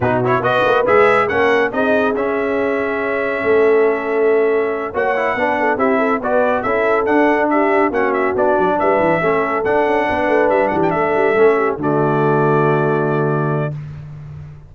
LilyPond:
<<
  \new Staff \with { instrumentName = "trumpet" } { \time 4/4 \tempo 4 = 140 b'8 cis''8 dis''4 e''4 fis''4 | dis''4 e''2.~ | e''2.~ e''8 fis''8~ | fis''4. e''4 d''4 e''8~ |
e''8 fis''4 e''4 fis''8 e''8 d''8~ | d''8 e''2 fis''4.~ | fis''8 e''8 fis''16 g''16 e''2 d''8~ | d''1 | }
  \new Staff \with { instrumentName = "horn" } { \time 4/4 fis'4 b'2 ais'4 | gis'1 | a'2.~ a'8 cis''8~ | cis''8 b'8 a'8 g'8 a'8 b'4 a'8~ |
a'4. g'4 fis'4.~ | fis'8 b'4 a'2 b'8~ | b'4 g'8 a'4. g'8 fis'8~ | fis'1 | }
  \new Staff \with { instrumentName = "trombone" } { \time 4/4 dis'8 e'8 fis'4 gis'4 cis'4 | dis'4 cis'2.~ | cis'2.~ cis'8 fis'8 | e'8 d'4 e'4 fis'4 e'8~ |
e'8 d'2 cis'4 d'8~ | d'4. cis'4 d'4.~ | d'2~ d'8 cis'4 a8~ | a1 | }
  \new Staff \with { instrumentName = "tuba" } { \time 4/4 b,4 b8 ais8 gis4 ais4 | c'4 cis'2. | a2.~ a8 ais8~ | ais8 b4 c'4 b4 cis'8~ |
cis'8 d'2 ais4 b8 | fis8 g8 e8 a4 d'8 cis'8 b8 | a8 g8 e8 a8 g8 a4 d8~ | d1 | }
>>